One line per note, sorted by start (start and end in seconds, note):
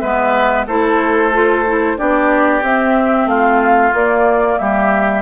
0.00 0.67 G#3
0.00 0.68 B3
0.00 0.66 B4
0.00 0.65 E5
0.67 1.97 A3
0.67 1.32 E4
0.67 1.97 A4
0.67 1.99 C5
1.32 1.65 F4
1.67 1.97 E4
1.97 2.62 B3
1.97 2.62 D4
1.97 3.29 G4
1.97 2.64 D5
2.62 3.26 C4
2.62 3.93 C4
2.62 3.28 E5
3.26 3.91 A3
3.26 4.59 F4
3.26 3.93 F5
3.93 4.59 A#3
3.93 5.22 A#3
3.93 4.58 D5
4.58 5.22 G3
4.58 5.22 G4
4.58 5.22 E5